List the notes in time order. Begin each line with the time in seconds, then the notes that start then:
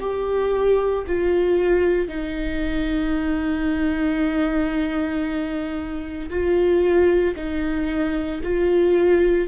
0.00 G4
1.07 F4
2.08 D#4
6.30 F4
7.36 D#4
8.44 F4